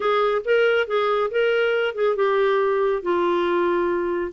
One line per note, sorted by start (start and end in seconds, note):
0.00 0.42 G#4
0.44 0.87 A#4
0.87 1.30 G#4
1.30 1.94 A#4
1.94 2.16 G#4
2.16 3.02 G4
3.02 4.32 F4